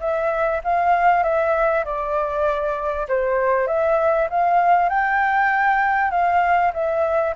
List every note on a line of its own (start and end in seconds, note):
0.00 0.61 E5
0.64 1.23 F5
1.23 1.85 E5
1.85 3.07 D5
3.08 3.67 C5
3.67 4.28 E5
4.30 4.89 F5
4.89 6.11 G5
6.11 6.72 F5
6.73 7.35 E5